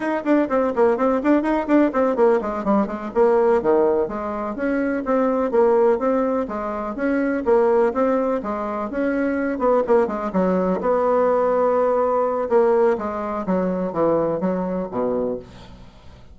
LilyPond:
\new Staff \with { instrumentName = "bassoon" } { \time 4/4 \tempo 4 = 125 dis'8 d'8 c'8 ais8 c'8 d'8 dis'8 d'8 | c'8 ais8 gis8 g8 gis8 ais4 dis8~ | dis8 gis4 cis'4 c'4 ais8~ | ais8 c'4 gis4 cis'4 ais8~ |
ais8 c'4 gis4 cis'4. | b8 ais8 gis8 fis4 b4.~ | b2 ais4 gis4 | fis4 e4 fis4 b,4 | }